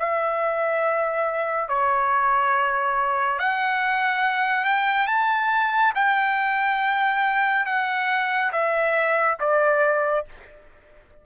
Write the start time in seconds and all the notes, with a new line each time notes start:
0.00 E5
1.69 C#5
3.39 F#5
4.65 G5
5.08 A5
5.95 G5
7.66 F#5
8.53 E5
9.40 D5